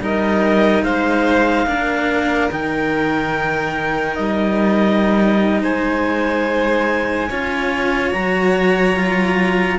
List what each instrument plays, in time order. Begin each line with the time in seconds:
0.00 cello G3 D#4, violin A#4, clarinet D#5
0.82 cello G#3, violin C5, clarinet F5
1.67 cello A#3 D4, violin A#4
2.51 cello D#3 D#4, clarinet G5
4.15 cello G3, clarinet D#5
5.62 cello G#3, violin C5, clarinet G#5
7.29 cello C#4 F4, violin C#5
8.12 cello F#3 F#4, clarinet A#5
8.97 cello F4